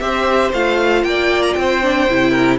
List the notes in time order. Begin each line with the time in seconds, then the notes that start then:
0.00 C4 G4 C5 E5
0.53 A3 F4 F5
1.03 A#3 D5 G5
1.43 A#5
1.54 C4 G5
1.60 C5
1.83 D4
2.10 C3 E4
2.31 A#4